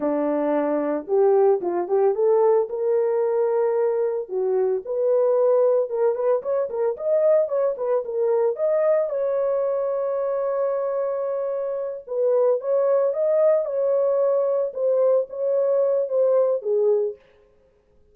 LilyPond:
\new Staff \with { instrumentName = "horn" } { \time 4/4 \tempo 4 = 112 d'2 g'4 f'8 g'8 | a'4 ais'2. | fis'4 b'2 ais'8 b'8 | cis''8 ais'8 dis''4 cis''8 b'8 ais'4 |
dis''4 cis''2.~ | cis''2~ cis''8 b'4 cis''8~ | cis''8 dis''4 cis''2 c''8~ | c''8 cis''4. c''4 gis'4 | }